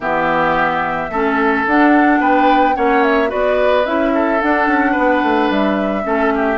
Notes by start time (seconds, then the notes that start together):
0.00 E3 B3 G4 E5
1.09 A3 C#4 A4
1.66 D4 F#5
2.20 B3 B4 G5
2.74 A#3 C#4 C#5 F#5
3.03 E5
3.27 B3 F#4 B4 D5
3.85 C#4 E4 E5
4.14 A4
4.40 D4 F#5
4.67 C#4
4.91 B3 B4
5.22 A3
5.50 G3 E5
6.03 A3 C#4 A4
6.35 G4